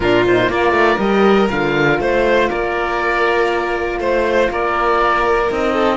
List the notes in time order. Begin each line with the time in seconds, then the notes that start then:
0.00 A#2 D4 F4 A#4
0.27 D#4 C5
0.48 A#3 F4 A#4 D5
0.71 A3
0.98 G3 G4 D#5
1.48 D3 F4 F5
1.99 A3 C5
2.49 A#3 A#4 D5
3.98 A3 C5
4.50 A#3 A#4 D5
5.49 C4 D#4 D#5
5.73 A4